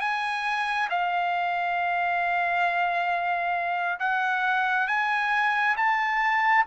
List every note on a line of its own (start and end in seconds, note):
0.00 0.88 G#5
0.90 3.99 F5
3.99 4.88 F#5
4.88 5.76 G#5
5.77 6.65 A5